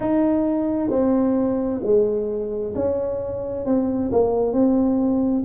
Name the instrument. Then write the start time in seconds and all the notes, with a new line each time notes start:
tuba
0.00 D#4
0.90 C4
1.83 G#3
2.75 C#4
3.65 C4
4.12 A#3
4.52 C4